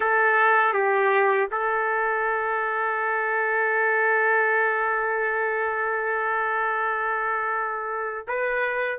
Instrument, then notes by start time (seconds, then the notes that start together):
trumpet
0.00 A4
0.73 G4
1.51 A4
8.27 B4